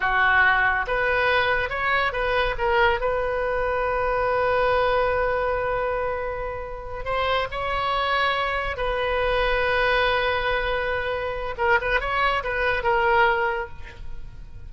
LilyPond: \new Staff \with { instrumentName = "oboe" } { \time 4/4 \tempo 4 = 140 fis'2 b'2 | cis''4 b'4 ais'4 b'4~ | b'1~ | b'1~ |
b'8 c''4 cis''2~ cis''8~ | cis''8 b'2.~ b'8~ | b'2. ais'8 b'8 | cis''4 b'4 ais'2 | }